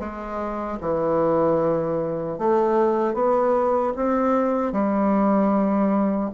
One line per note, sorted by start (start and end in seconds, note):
0.00 0.79 G#3
0.81 2.39 E3
2.39 3.14 A3
3.14 3.93 B3
3.97 4.73 C4
4.73 6.31 G3